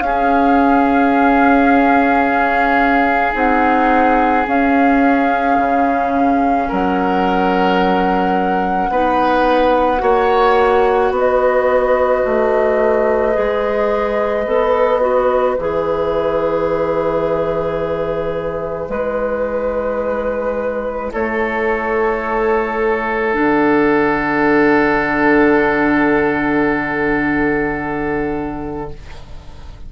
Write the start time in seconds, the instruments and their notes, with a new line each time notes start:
0.00 bassoon C#4, clarinet C#4, oboe G#4, flute F5
3.33 bassoon C4, clarinet D#4, flute F#5
4.47 bassoon C#4, clarinet C#4, flute F5
5.57 bassoon C#3
6.68 bassoon F#3, oboe A#4, flute F#5
8.90 bassoon B3, clarinet D#4, oboe B4
9.98 bassoon A#3, clarinet F#4, oboe C#5
11.11 bassoon B3, oboe B4
11.17 flute D#5
12.25 bassoon A3
13.33 bassoon G#3, clarinet G#4
14.46 bassoon B3, clarinet A4
15.01 clarinet F#4
15.57 bassoon E3, clarinet G#4, flute E5
18.89 bassoon G#3, clarinet E4, flute B4
21.12 bassoon A3, oboe A4, flute C#5
23.33 bassoon D3, clarinet D4, flute F#5